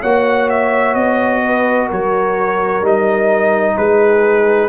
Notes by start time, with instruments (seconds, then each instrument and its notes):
0.00 tuba A#3, trombone F#4, horn C#5, trumpet F#5
0.49 trumpet E5
0.94 tuba B3, trumpet D#5
1.43 horn B4
1.87 tuba F#3, horn A#4, trumpet C#5
2.81 tuba G3, trombone D#4, trumpet D#5
3.77 tuba G#3, horn G#4, trumpet B4